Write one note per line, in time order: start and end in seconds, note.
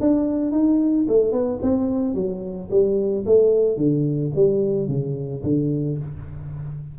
0.00 0.51 D4
0.51 1.06 D#4
1.08 1.32 A3
1.32 1.59 B3
1.62 2.14 C4
2.14 2.69 F#3
2.70 3.25 G3
3.26 3.77 A3
3.77 4.31 D3
4.35 4.87 G3
4.87 5.42 C#3
5.43 5.98 D3